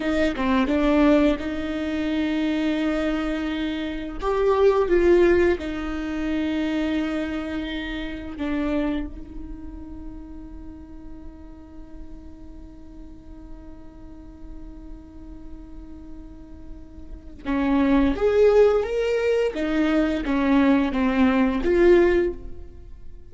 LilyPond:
\new Staff \with { instrumentName = "viola" } { \time 4/4 \tempo 4 = 86 dis'8 c'8 d'4 dis'2~ | dis'2 g'4 f'4 | dis'1 | d'4 dis'2.~ |
dis'1~ | dis'1~ | dis'4 cis'4 gis'4 ais'4 | dis'4 cis'4 c'4 f'4 | }